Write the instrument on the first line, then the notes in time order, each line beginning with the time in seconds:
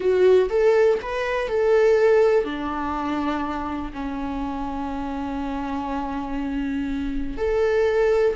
viola
0.00 F#4
0.49 A4
1.01 B4
1.48 A4
2.44 D4
3.93 C#4
7.37 A4